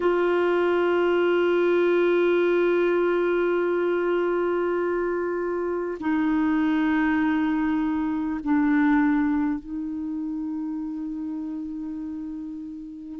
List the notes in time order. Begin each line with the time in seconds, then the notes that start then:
0.00 F4
5.99 D#4
8.43 D4
9.59 D#4